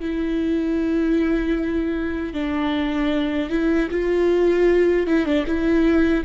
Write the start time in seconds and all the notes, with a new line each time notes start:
0.00 E4
2.33 D4
3.50 E4
3.91 F4
5.06 E4
5.25 D4
5.47 E4